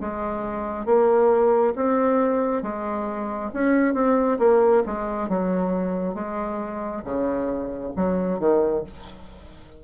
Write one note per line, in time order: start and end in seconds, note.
0.00 0.85 G#3
0.85 1.73 A#3
1.75 2.62 C4
2.62 3.50 G#3
3.53 3.94 C#4
3.94 4.38 C4
4.38 4.82 A#3
4.86 5.28 G#3
5.28 6.14 F#3
6.14 7.02 G#3
7.04 7.93 C#3
7.96 8.39 F#3
8.39 8.83 D#3